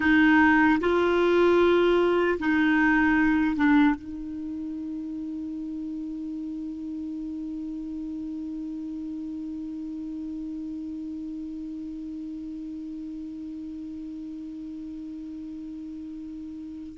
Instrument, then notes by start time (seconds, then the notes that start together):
clarinet
0.00 D#4
0.80 F4
2.39 D#4
3.56 D4
3.95 D#4